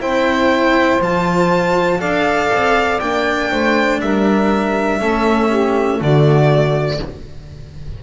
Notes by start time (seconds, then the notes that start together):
0.00 C4 E4 C5 G5
1.01 F3 F4 A5
2.00 D4 A4 D5 F5
2.53 C4
3.01 A#3 D4 G5
3.50 A3 C5
4.01 G3 A#4 E5
4.99 A3 C#4 A4
5.48 G4
6.00 D3 A3 F#4 D5